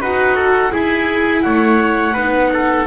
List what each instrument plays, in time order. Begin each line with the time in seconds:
0.00 double bass D#4, viola F#4, trumpet B4, clarinet F#5
0.36 trumpet A4
0.71 viola E4, double bass E4, trumpet G#4, clarinet G#5
1.42 double bass A3, trumpet C#5, clarinet F#5
2.14 double bass B3, viola D#4, trumpet B4
2.54 trumpet A4